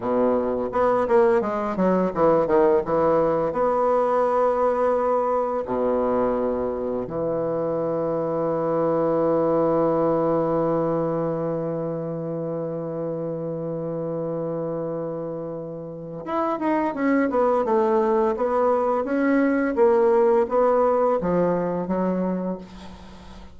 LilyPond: \new Staff \with { instrumentName = "bassoon" } { \time 4/4 \tempo 4 = 85 b,4 b8 ais8 gis8 fis8 e8 dis8 | e4 b2. | b,2 e2~ | e1~ |
e1~ | e2. e'8 dis'8 | cis'8 b8 a4 b4 cis'4 | ais4 b4 f4 fis4 | }